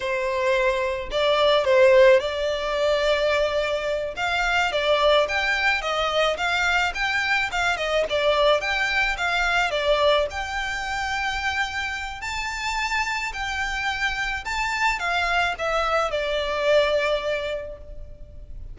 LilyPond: \new Staff \with { instrumentName = "violin" } { \time 4/4 \tempo 4 = 108 c''2 d''4 c''4 | d''2.~ d''8 f''8~ | f''8 d''4 g''4 dis''4 f''8~ | f''8 g''4 f''8 dis''8 d''4 g''8~ |
g''8 f''4 d''4 g''4.~ | g''2 a''2 | g''2 a''4 f''4 | e''4 d''2. | }